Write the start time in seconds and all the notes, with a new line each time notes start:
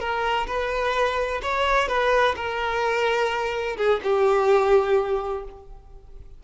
0.00 A#4
0.47 B4
1.43 C#5
1.88 B4
2.36 A#4
3.77 G#4
4.04 G4